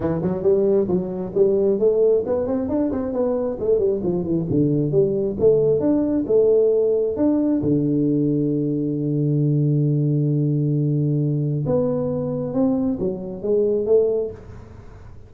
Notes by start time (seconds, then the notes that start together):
0.00 E3
0.21 F#3
0.43 G3
0.88 F#3
1.34 G3
1.79 A3
2.26 B3
2.46 C4
2.68 D4
2.91 C4
3.13 B3
3.59 A3
3.78 G3
4.03 F3
4.23 E3
4.50 D3
4.91 G3
5.39 A3
5.80 D4
6.26 A3
7.16 D4
7.62 D3
11.66 B3
12.53 C4
12.99 F#3
13.42 G#3
13.86 A3